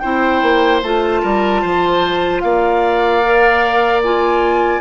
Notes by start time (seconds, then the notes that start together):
0.00 C4 E4 C5 G5
0.42 A#3
0.83 A3 F4 A5
1.22 G3 A#4
1.62 F3 C5
2.41 A#3 D5 F5
3.23 A#4
4.04 F4 G#5